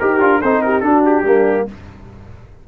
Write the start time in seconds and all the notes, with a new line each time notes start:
0.00 D#4 G4 A#4
0.20 D4 F4
0.41 C4 D#4 A4 C5
0.62 G4 A#4
0.80 D4 F#4 A4
1.05 G4
1.23 G3 A#3 D4